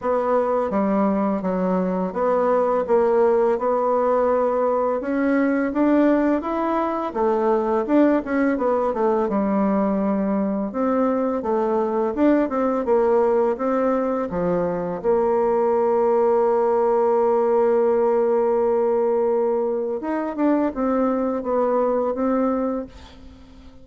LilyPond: \new Staff \with { instrumentName = "bassoon" } { \time 4/4 \tempo 4 = 84 b4 g4 fis4 b4 | ais4 b2 cis'4 | d'4 e'4 a4 d'8 cis'8 | b8 a8 g2 c'4 |
a4 d'8 c'8 ais4 c'4 | f4 ais2.~ | ais1 | dis'8 d'8 c'4 b4 c'4 | }